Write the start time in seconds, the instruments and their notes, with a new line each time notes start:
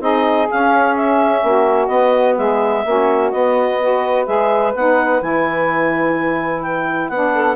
0.00 bassoon C4, saxophone D#4 G#4, clarinet D#5
0.50 saxophone C#4, bassoon C#4, clarinet F5
0.96 clarinet E5
1.43 bassoon A#3, saxophone F#4
1.87 bassoon B3, saxophone B3, clarinet D#5
2.37 bassoon G#3, saxophone G#4, clarinet E5
2.85 bassoon A#3, saxophone C#4 F#4
3.31 bassoon B3, saxophone B3, clarinet D#5
3.81 saxophone F#4 B4
4.26 bassoon G#3, saxophone G#4, clarinet E5
4.74 bassoon B3, saxophone D#4, clarinet F#5
5.21 bassoon E3, saxophone E4, clarinet G#5
6.62 clarinet G5
7.08 bassoon B3, saxophone D4, clarinet F#5
7.34 saxophone A4